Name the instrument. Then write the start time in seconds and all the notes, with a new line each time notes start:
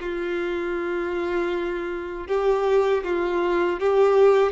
violin
0.00 F4
2.27 G4
3.03 F4
3.80 G4